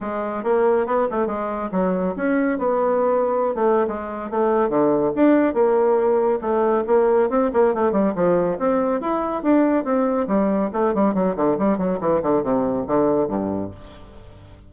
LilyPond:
\new Staff \with { instrumentName = "bassoon" } { \time 4/4 \tempo 4 = 140 gis4 ais4 b8 a8 gis4 | fis4 cis'4 b2~ | b16 a8. gis4 a4 d4 | d'4 ais2 a4 |
ais4 c'8 ais8 a8 g8 f4 | c'4 e'4 d'4 c'4 | g4 a8 g8 fis8 d8 g8 fis8 | e8 d8 c4 d4 g,4 | }